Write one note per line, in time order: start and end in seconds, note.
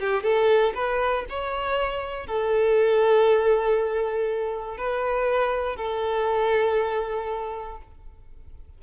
0.00 0.23 G4
0.23 0.74 A4
0.75 1.25 B4
1.29 2.27 C#5
2.27 4.78 A4
4.78 5.76 B4
5.76 7.78 A4